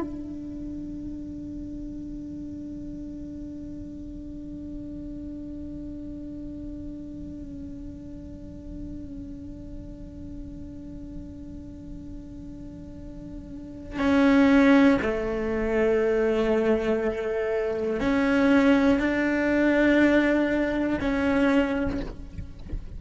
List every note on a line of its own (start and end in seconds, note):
0.00 13.99 D4
13.99 14.99 C#4
15.02 18.00 A3
18.00 18.99 C#4
18.99 20.99 D4
21.00 22.00 C#4